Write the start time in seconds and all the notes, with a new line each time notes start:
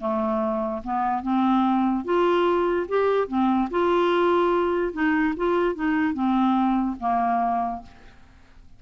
0.00 A3
0.84 B3
1.22 C4
2.04 F4
2.88 G4
3.28 C4
3.70 F4
4.93 D#4
5.36 F4
5.75 D#4
6.14 C4
7.00 A#3